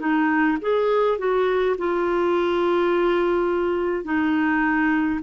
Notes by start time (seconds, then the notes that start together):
0.00 D#4
0.61 G#4
1.18 F#4
1.78 F4
4.04 D#4